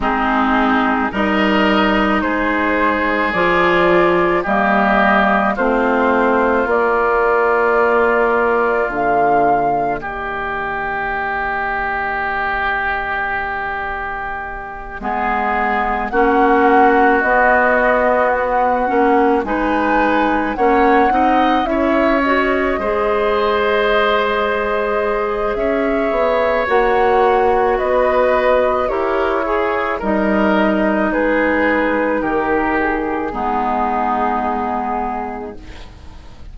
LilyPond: <<
  \new Staff \with { instrumentName = "flute" } { \time 4/4 \tempo 4 = 54 gis'4 dis''4 c''4 d''4 | dis''4 c''4 d''2 | f''4 dis''2.~ | dis''2~ dis''8 fis''4 dis''8~ |
dis''8 fis''4 gis''4 fis''4 e''8 | dis''2. e''4 | fis''4 dis''4 cis''4 dis''4 | b'4 ais'8 gis'2~ gis'8 | }
  \new Staff \with { instrumentName = "oboe" } { \time 4/4 dis'4 ais'4 gis'2 | g'4 f'2.~ | f'4 g'2.~ | g'4. gis'4 fis'4.~ |
fis'4. b'4 cis''8 dis''8 cis''8~ | cis''8 c''2~ c''8 cis''4~ | cis''4 b'4 ais'8 gis'8 ais'4 | gis'4 g'4 dis'2 | }
  \new Staff \with { instrumentName = "clarinet" } { \time 4/4 c'4 dis'2 f'4 | ais4 c'4 ais2~ | ais1~ | ais4. b4 cis'4 b8~ |
b4 cis'8 dis'4 cis'8 dis'8 e'8 | fis'8 gis'2.~ gis'8 | fis'2 g'8 gis'8 dis'4~ | dis'2 b2 | }
  \new Staff \with { instrumentName = "bassoon" } { \time 4/4 gis4 g4 gis4 f4 | g4 a4 ais2 | d4 dis2.~ | dis4. gis4 ais4 b8~ |
b4 ais8 gis4 ais8 c'8 cis'8~ | cis'8 gis2~ gis8 cis'8 b8 | ais4 b4 e'4 g4 | gis4 dis4 gis2 | }
>>